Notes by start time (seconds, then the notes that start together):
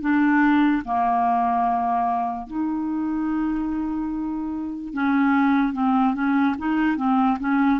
0.00 D4
0.84 A#3
2.47 D#4
4.93 C#4
5.72 C4
6.14 C#4
6.58 D#4
6.96 C4
7.39 C#4